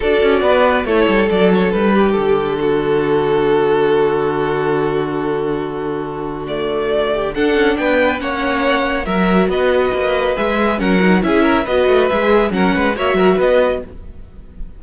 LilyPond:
<<
  \new Staff \with { instrumentName = "violin" } { \time 4/4 \tempo 4 = 139 d''2 cis''4 d''8 cis''8 | b'4 a'2.~ | a'1~ | a'2. d''4~ |
d''4 fis''4 g''4 fis''4~ | fis''4 e''4 dis''2 | e''4 fis''4 e''4 dis''4 | e''4 fis''4 e''4 dis''4 | }
  \new Staff \with { instrumentName = "violin" } { \time 4/4 a'4 b'4 a'2~ | a'8 g'4. fis'2~ | fis'1~ | fis'1~ |
fis'8 g'8 a'4 b'4 cis''4~ | cis''4 ais'4 b'2~ | b'4 ais'4 gis'8 ais'8 b'4~ | b'4 ais'8 b'8 cis''8 ais'8 b'4 | }
  \new Staff \with { instrumentName = "viola" } { \time 4/4 fis'2 e'4 d'4~ | d'1~ | d'1~ | d'2. a4~ |
a4 d'2 cis'4~ | cis'4 fis'2. | gis'4 cis'8 dis'8 e'4 fis'4 | gis'4 cis'4 fis'2 | }
  \new Staff \with { instrumentName = "cello" } { \time 4/4 d'8 cis'8 b4 a8 g8 fis4 | g4 d2.~ | d1~ | d1~ |
d4 d'8 cis'8 b4 ais4~ | ais4 fis4 b4 ais4 | gis4 fis4 cis'4 b8 a8 | gis4 fis8 gis8 ais8 fis8 b4 | }
>>